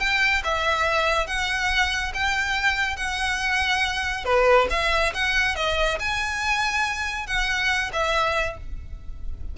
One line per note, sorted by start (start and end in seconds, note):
0.00 0.43 G5
0.44 1.27 E5
1.27 2.13 F#5
2.14 2.97 G5
2.97 4.25 F#5
4.25 4.68 B4
4.70 5.13 E5
5.14 5.56 F#5
5.56 5.99 D#5
6.00 7.27 G#5
7.27 7.92 F#5
7.93 8.58 E5